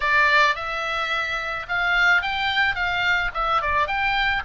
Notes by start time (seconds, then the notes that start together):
0.00 D5
0.55 E5
1.68 F5
2.22 G5
2.75 F5
3.34 E5
3.61 D5
3.87 G5